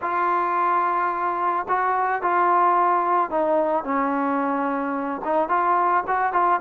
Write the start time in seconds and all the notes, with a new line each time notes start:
0.01 F4
1.68 F#4
2.22 F4
3.30 D#4
3.84 C#4
5.24 D#4
5.48 F4
6.07 F#4
6.33 F4